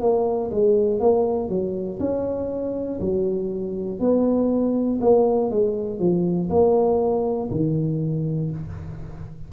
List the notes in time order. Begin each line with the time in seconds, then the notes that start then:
0.00 A#3
0.50 G#3
0.99 A#3
1.48 F#3
2.00 C#4
3.00 F#3
3.99 B3
5.00 A#3
5.50 G#3
5.99 F3
6.50 A#3
7.50 D#3